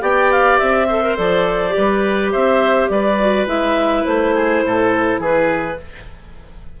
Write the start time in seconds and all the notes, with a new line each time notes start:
0.00 B3 G4 D5 G5
0.31 F5
0.58 C4 E5
0.87 A4 C5
1.02 A#4
1.16 F3 A4 D5
1.69 G4
1.77 G3 B4
2.32 C4 C5 E5
2.88 G3 B4 D5
3.19 F#4
3.46 G#3 E4 E5
4.04 A3 C5
4.34 G#4
4.63 A2 A4
5.18 E3 G#4 B4